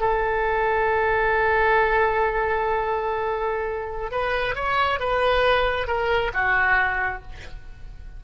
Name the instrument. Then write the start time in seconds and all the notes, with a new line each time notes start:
oboe
0.00 A4
4.11 B4
4.55 C#5
4.99 B4
5.87 A#4
6.33 F#4